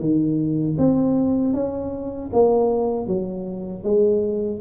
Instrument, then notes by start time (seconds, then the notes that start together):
tuba
0.00 D#3
0.79 C4
1.54 C#4
2.33 A#3
3.07 F#3
3.84 G#3